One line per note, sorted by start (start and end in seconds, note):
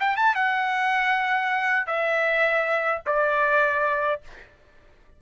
0.00 0.17 G5
0.17 0.36 A5
0.36 1.87 F#5
1.87 3.02 E5
3.06 4.22 D5